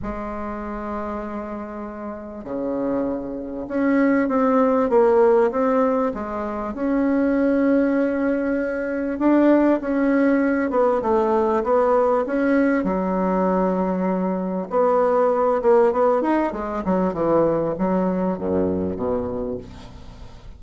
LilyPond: \new Staff \with { instrumentName = "bassoon" } { \time 4/4 \tempo 4 = 98 gis1 | cis2 cis'4 c'4 | ais4 c'4 gis4 cis'4~ | cis'2. d'4 |
cis'4. b8 a4 b4 | cis'4 fis2. | b4. ais8 b8 dis'8 gis8 fis8 | e4 fis4 fis,4 b,4 | }